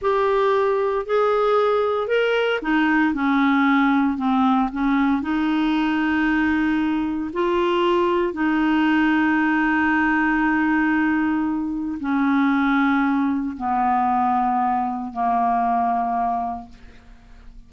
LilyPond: \new Staff \with { instrumentName = "clarinet" } { \time 4/4 \tempo 4 = 115 g'2 gis'2 | ais'4 dis'4 cis'2 | c'4 cis'4 dis'2~ | dis'2 f'2 |
dis'1~ | dis'2. cis'4~ | cis'2 b2~ | b4 ais2. | }